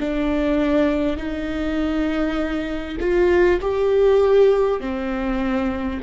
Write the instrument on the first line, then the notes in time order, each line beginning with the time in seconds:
viola
0.00 D4
1.17 D#4
3.00 F4
3.61 G4
4.81 C4